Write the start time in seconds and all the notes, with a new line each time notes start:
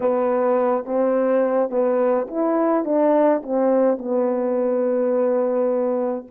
0.00 B3
0.85 C4
1.70 B3
2.27 E4
2.84 D4
3.42 C4
3.98 B3